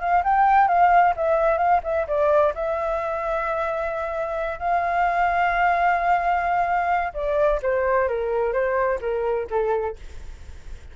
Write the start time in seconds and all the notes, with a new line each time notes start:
0.00 F5
0.24 G5
0.68 F5
1.16 E5
1.58 F5
1.83 E5
2.07 D5
2.55 E5
4.59 F5
7.14 D5
7.62 C5
8.08 A#4
8.53 C5
9.01 A#4
9.50 A4